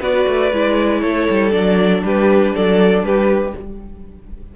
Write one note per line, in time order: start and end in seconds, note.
0.00 0.25 B3
0.00 0.51 F#4
0.00 1.01 B4
0.00 1.01 D5
0.27 0.52 A3
0.52 1.02 G#3
0.52 1.50 E4
1.01 1.27 A3
1.01 2.02 A4
1.01 1.51 C#5
1.29 1.54 G3
1.50 2.03 F#3
1.50 3.52 D4
1.50 2.02 D5
2.03 2.53 G3
2.03 2.55 G4
2.03 2.55 B4
2.55 3.02 F#3
2.55 3.05 A4
2.55 3.04 D5
3.02 3.53 G3
3.02 3.56 G4
3.02 3.55 B4